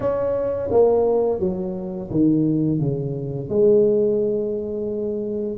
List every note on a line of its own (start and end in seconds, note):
0.00 0.70 C#4
0.71 1.40 A#3
1.40 2.09 F#3
2.10 2.79 D#3
2.79 3.49 C#3
3.49 5.57 G#3